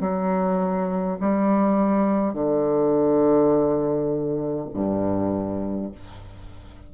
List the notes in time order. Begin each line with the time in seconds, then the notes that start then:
0.00 F#3
1.20 G3
2.33 D3
4.73 G2